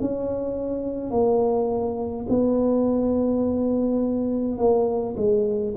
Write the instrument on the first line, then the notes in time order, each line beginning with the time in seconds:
tuba
0.00 C#4
1.11 A#3
2.29 B3
4.57 A#3
5.17 G#3